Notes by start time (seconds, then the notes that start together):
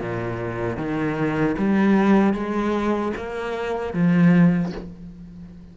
0.00 A#2
0.77 D#3
1.58 G3
2.33 G#3
3.17 A#3
3.93 F3